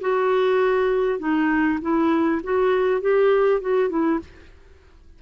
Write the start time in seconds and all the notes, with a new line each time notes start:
0.00 F#4
1.19 D#4
1.81 E4
2.43 F#4
3.01 G4
3.61 F#4
3.89 E4